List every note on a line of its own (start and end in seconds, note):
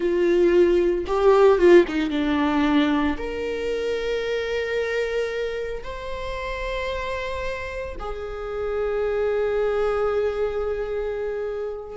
0.00 1.05 F4
1.06 1.58 G4
1.58 1.84 F4
1.88 2.10 D#4
2.10 3.16 D4
3.17 5.83 A#4
5.83 7.95 C5
7.99 11.97 G#4